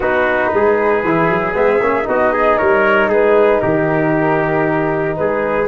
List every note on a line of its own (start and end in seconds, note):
0.00 0.51 B3
0.00 1.04 D#4
0.00 0.52 F#4
0.00 1.55 B4
0.53 1.04 G#3
0.53 2.08 G#4
1.04 1.29 E3
1.04 1.53 E4
1.29 1.54 F#3
1.53 1.80 G#3
1.53 1.79 B3
1.53 2.07 E5
1.80 2.06 A#3
1.80 2.03 C#4
2.03 2.59 B3
2.03 5.65 D#4
2.03 2.33 F#4
2.03 2.57 D#5
2.33 2.58 G#4
2.57 3.08 G3
2.57 3.08 A#4
2.57 3.09 C#5
3.08 3.59 G#3
3.08 3.60 G#4
3.08 3.60 B4
3.60 5.18 D#3
3.60 5.17 G4
3.60 5.15 A#4
5.15 5.67 G#3
5.15 5.67 G#4
5.15 5.67 B4